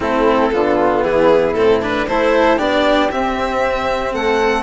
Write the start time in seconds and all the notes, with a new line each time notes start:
0.00 A3 C4 E4 A4
0.52 D3 B3 F4
1.03 E3 E4 G#4
1.53 A2 C4 A4
1.82 D4 B4
2.07 A3 E4 A4 C5
2.57 B3 D4 G4 D5
3.11 C4 E5
4.13 A3 A4 F#5